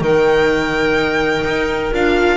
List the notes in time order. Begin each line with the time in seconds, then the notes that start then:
0.00 D#3 D#4 A#4 G5
1.44 D#4
1.93 D4 F4 F5